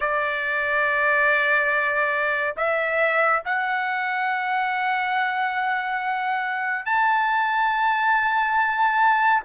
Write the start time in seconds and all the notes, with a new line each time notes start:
0.00 D5
2.56 E5
3.45 F#5
6.85 A5